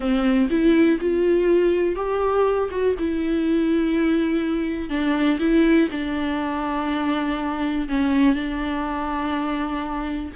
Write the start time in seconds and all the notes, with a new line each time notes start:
0.00 C4
0.50 E4
1.00 F4
1.95 G4
2.70 F#4
2.99 E4
4.89 D4
5.39 E4
5.91 D4
7.88 C#4
8.34 D4